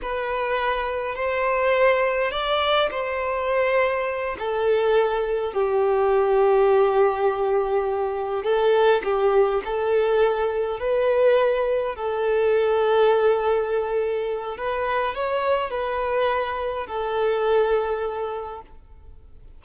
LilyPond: \new Staff \with { instrumentName = "violin" } { \time 4/4 \tempo 4 = 103 b'2 c''2 | d''4 c''2~ c''8 a'8~ | a'4. g'2~ g'8~ | g'2~ g'8 a'4 g'8~ |
g'8 a'2 b'4.~ | b'8 a'2.~ a'8~ | a'4 b'4 cis''4 b'4~ | b'4 a'2. | }